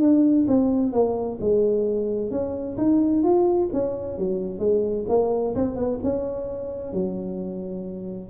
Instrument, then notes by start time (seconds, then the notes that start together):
tuba
0.00 D4
0.48 C4
0.92 A#3
1.41 G#3
2.31 C#4
2.77 D#4
3.23 F4
3.73 C#4
4.18 F#3
4.59 G#3
5.09 A#3
5.55 C4
5.76 B3
6.03 C#4
6.93 F#3